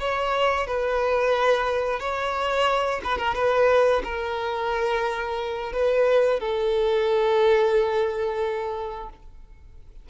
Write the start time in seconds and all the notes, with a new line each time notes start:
0.00 C#5
0.67 B4
2.00 C#5
3.04 B4
3.17 A#4
3.35 B4
4.04 A#4
5.73 B4
6.40 A4